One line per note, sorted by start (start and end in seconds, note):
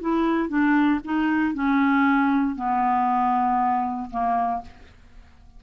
0.00 0.48 E4
0.48 1.00 D4
1.04 1.53 D#4
1.53 2.55 C#4
2.55 4.09 B3
4.10 4.61 A#3